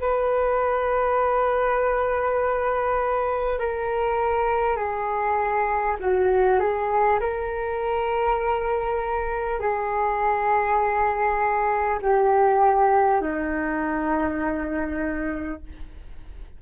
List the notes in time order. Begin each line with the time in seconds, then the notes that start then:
0.00 B4
3.58 A#4
4.76 G#4
5.99 F#4
6.59 G#4
7.20 A#4
9.59 G#4
12.02 G4
13.21 D#4